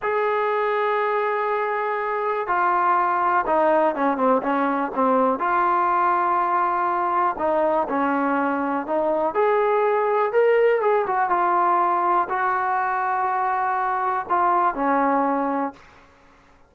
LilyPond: \new Staff \with { instrumentName = "trombone" } { \time 4/4 \tempo 4 = 122 gis'1~ | gis'4 f'2 dis'4 | cis'8 c'8 cis'4 c'4 f'4~ | f'2. dis'4 |
cis'2 dis'4 gis'4~ | gis'4 ais'4 gis'8 fis'8 f'4~ | f'4 fis'2.~ | fis'4 f'4 cis'2 | }